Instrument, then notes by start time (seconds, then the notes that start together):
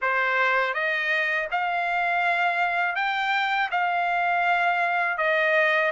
trumpet
0.01 C5
0.74 D#5
1.51 F5
2.95 G5
3.71 F5
5.17 D#5